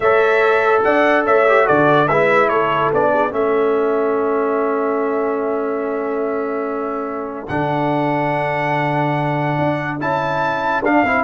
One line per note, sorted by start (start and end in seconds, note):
0.00 0.83 A3
0.00 1.47 A4
0.00 0.84 C#5
0.00 0.82 E5
0.83 1.26 D4
0.83 1.25 D5
0.83 1.25 F#5
1.25 1.68 A3
1.25 1.65 C#5
1.25 1.67 E5
1.47 1.64 G4
1.64 2.09 D3
1.64 2.06 F#4
1.64 2.07 A4
1.64 2.08 D5
2.08 2.49 G#3
2.08 2.93 E4
2.08 2.49 B4
2.08 2.49 E5
2.49 2.91 A3
2.49 3.11 A4
2.49 2.90 C#5
2.93 3.31 B3
2.93 3.30 D4
2.93 3.33 D5
3.13 3.31 G#4
3.30 7.48 A3
3.30 7.46 C#4
3.30 11.23 A4
3.30 7.48 E5
7.48 9.57 D3
7.48 9.99 D4
7.48 9.98 F#5
9.58 9.99 D4
9.99 10.82 C#4
9.99 10.83 E4
9.99 10.84 A5
10.82 11.02 D4
10.82 11.05 D4
10.82 11.24 F5
11.03 11.24 C4
11.03 11.24 E4